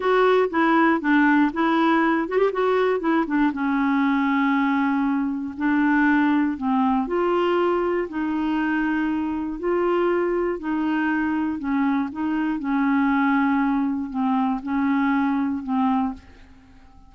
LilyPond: \new Staff \with { instrumentName = "clarinet" } { \time 4/4 \tempo 4 = 119 fis'4 e'4 d'4 e'4~ | e'8 fis'16 g'16 fis'4 e'8 d'8 cis'4~ | cis'2. d'4~ | d'4 c'4 f'2 |
dis'2. f'4~ | f'4 dis'2 cis'4 | dis'4 cis'2. | c'4 cis'2 c'4 | }